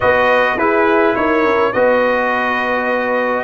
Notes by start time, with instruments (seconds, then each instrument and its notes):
0.00 tuba B3, trombone F#4, horn B4, trumpet D#5
0.56 tuba E4, trombone E4, horn G#4, trumpet B4
1.15 tuba D#4, horn A#4, trumpet C#5
1.44 tuba C#4
1.72 tuba B3, trombone F#4, horn B4, trumpet D#5